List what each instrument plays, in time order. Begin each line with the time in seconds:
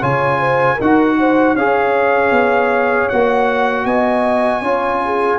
0.00 tuba C#3, trombone F4, horn C#5, trumpet G#5
0.40 horn C5
0.76 tuba D#4, horn A#4, trumpet F#5
0.83 trombone F#4
1.20 horn C5
1.55 tuba C#4, trombone G#4, horn C#5, trumpet F5
2.31 tuba B3
3.09 tuba A#3, trombone F#4, trumpet F#5
3.85 tuba B3, horn D#5, trumpet G#5
4.62 tuba C#4, trombone F4, horn C#5
5.05 horn G#4